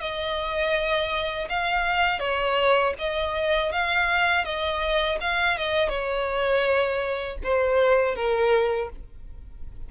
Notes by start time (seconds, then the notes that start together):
0.00 D#5
1.49 F5
2.19 C#5
2.98 D#5
3.72 F5
4.44 D#5
5.21 F5
5.57 D#5
5.89 C#5
7.43 C5
8.15 A#4